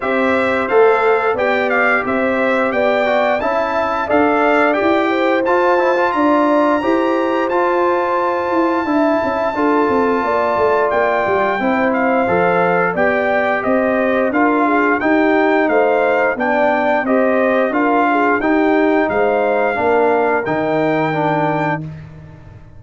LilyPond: <<
  \new Staff \with { instrumentName = "trumpet" } { \time 4/4 \tempo 4 = 88 e''4 f''4 g''8 f''8 e''4 | g''4 a''4 f''4 g''4 | a''4 ais''2 a''4~ | a''1 |
g''4. f''4. g''4 | dis''4 f''4 g''4 f''4 | g''4 dis''4 f''4 g''4 | f''2 g''2 | }
  \new Staff \with { instrumentName = "horn" } { \time 4/4 c''2 d''4 c''4 | d''4 e''4 d''4. c''8~ | c''4 d''4 c''2~ | c''4 e''4 a'4 d''4~ |
d''4 c''2 d''4 | c''4 ais'8 gis'8 g'4 c''4 | d''4 c''4 ais'8 gis'8 g'4 | c''4 ais'2. | }
  \new Staff \with { instrumentName = "trombone" } { \time 4/4 g'4 a'4 g'2~ | g'8 fis'8 e'4 a'4 g'4 | f'8 e'16 f'4~ f'16 g'4 f'4~ | f'4 e'4 f'2~ |
f'4 e'4 a'4 g'4~ | g'4 f'4 dis'2 | d'4 g'4 f'4 dis'4~ | dis'4 d'4 dis'4 d'4 | }
  \new Staff \with { instrumentName = "tuba" } { \time 4/4 c'4 a4 b4 c'4 | b4 cis'4 d'4 e'4 | f'4 d'4 e'4 f'4~ | f'8 e'8 d'8 cis'8 d'8 c'8 ais8 a8 |
ais8 g8 c'4 f4 b4 | c'4 d'4 dis'4 a4 | b4 c'4 d'4 dis'4 | gis4 ais4 dis2 | }
>>